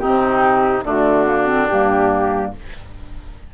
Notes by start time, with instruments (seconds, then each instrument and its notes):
0.00 clarinet C4, oboe D#4, flute G4
0.06 bassoon C3
0.84 bassoon D3, clarinet A3, oboe D4, flute F#4
1.27 clarinet A#3
1.47 clarinet C4
1.68 bassoon G2, clarinet A#3, flute G4